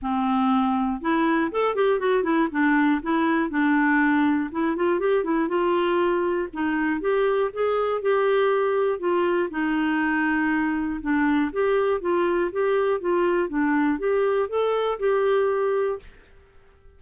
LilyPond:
\new Staff \with { instrumentName = "clarinet" } { \time 4/4 \tempo 4 = 120 c'2 e'4 a'8 g'8 | fis'8 e'8 d'4 e'4 d'4~ | d'4 e'8 f'8 g'8 e'8 f'4~ | f'4 dis'4 g'4 gis'4 |
g'2 f'4 dis'4~ | dis'2 d'4 g'4 | f'4 g'4 f'4 d'4 | g'4 a'4 g'2 | }